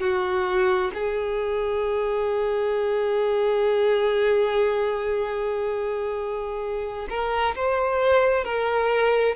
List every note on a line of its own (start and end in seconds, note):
0.00 0.91 F#4
0.94 7.07 G#4
7.09 7.55 A#4
7.55 8.44 C5
8.44 9.35 A#4